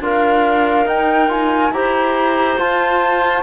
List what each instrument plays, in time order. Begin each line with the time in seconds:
0.00 cello D4, trombone F4, clarinet A#4, flute F5
0.86 trombone D#4, cello D#4, flute G5
1.29 trombone F4, flute G#5
1.71 cello E4, trombone G4, clarinet C5, flute A#5
2.59 trombone F4, cello F4, flute A5